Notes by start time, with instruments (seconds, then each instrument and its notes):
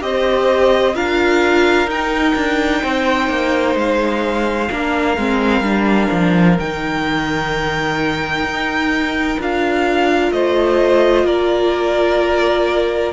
0.00 cello C4, viola G4, violin C5 D#5
0.95 cello D4, viola F4, violin A#4 F5
1.87 cello D#4, viola D#4, violin G5
2.35 cello D4
2.82 cello C4, violin C5
3.28 cello A#3
3.75 cello G#3, violin F5
4.69 cello A#3, viola D4, violin A#4
5.17 cello G#3, viola C4
5.61 cello G3, viola D4
6.11 cello F3
6.59 cello D#3, viola D#4, violin G5
8.44 cello D#4
9.39 cello D4, viola F4, violin F5
10.31 cello A3, violin C5 D#5
11.24 cello A#3, violin A#4 D5